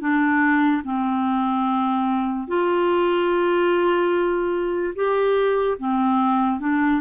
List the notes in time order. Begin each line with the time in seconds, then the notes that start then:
0.00 D4
0.84 C4
2.47 F4
4.95 G4
5.78 C4
6.60 D4